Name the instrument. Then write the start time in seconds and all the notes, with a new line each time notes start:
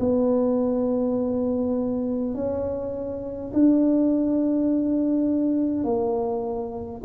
tuba
0.00 B3
2.35 C#4
3.53 D4
5.84 A#3